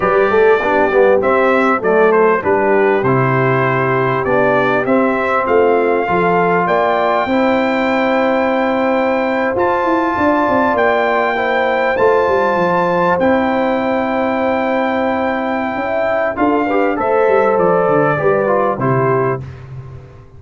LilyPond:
<<
  \new Staff \with { instrumentName = "trumpet" } { \time 4/4 \tempo 4 = 99 d''2 e''4 d''8 c''8 | b'4 c''2 d''4 | e''4 f''2 g''4~ | g''2.~ g''8. a''16~ |
a''4.~ a''16 g''2 a''16~ | a''4.~ a''16 g''2~ g''16~ | g''2. f''4 | e''4 d''2 c''4 | }
  \new Staff \with { instrumentName = "horn" } { \time 4/4 b'8 a'8 g'2 a'4 | g'1~ | g'4 f'4 a'4 d''4 | c''1~ |
c''8. d''2 c''4~ c''16~ | c''1~ | c''2 e''4 a'8 b'8 | c''2 b'4 g'4 | }
  \new Staff \with { instrumentName = "trombone" } { \time 4/4 g'4 d'8 b8 c'4 a4 | d'4 e'2 d'4 | c'2 f'2 | e'2.~ e'8. f'16~ |
f'2~ f'8. e'4 f'16~ | f'4.~ f'16 e'2~ e'16~ | e'2. f'8 g'8 | a'2 g'8 f'8 e'4 | }
  \new Staff \with { instrumentName = "tuba" } { \time 4/4 g8 a8 b8 g8 c'4 fis4 | g4 c2 b4 | c'4 a4 f4 ais4 | c'2.~ c'8. f'16~ |
f'16 e'8 d'8 c'8 ais2 a16~ | a16 g8 f4 c'2~ c'16~ | c'2 cis'4 d'4 | a8 g8 f8 d8 g4 c4 | }
>>